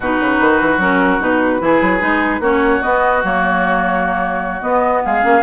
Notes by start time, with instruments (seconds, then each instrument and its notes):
0.00 bassoon B2, clarinet D#4, oboe F#4, flute B4
0.20 bassoon C#3
0.40 bassoon D#3
0.60 bassoon E3
0.77 bassoon F#3, clarinet C#4, flute A#4
1.20 bassoon B2, clarinet D#4, flute B4
1.59 bassoon E3, clarinet E4, oboe G#4
1.81 bassoon F#3
2.00 bassoon G#3, clarinet D#4
2.39 bassoon A#3, clarinet C#4, oboe F#4, flute C#5
2.82 clarinet B3, bassoon B3, flute D#5
3.23 bassoon F#3, clarinet A#3, flute C#5
4.61 clarinet B3, bassoon B3, flute D#5
5.04 bassoon G#3, oboe G#4, flute F5
5.21 bassoon A#3, clarinet C#4